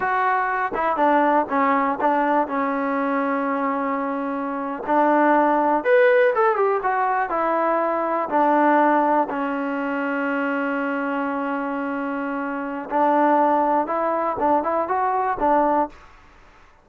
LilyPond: \new Staff \with { instrumentName = "trombone" } { \time 4/4 \tempo 4 = 121 fis'4. e'8 d'4 cis'4 | d'4 cis'2.~ | cis'4.~ cis'16 d'2 b'16~ | b'8. a'8 g'8 fis'4 e'4~ e'16~ |
e'8. d'2 cis'4~ cis'16~ | cis'1~ | cis'2 d'2 | e'4 d'8 e'8 fis'4 d'4 | }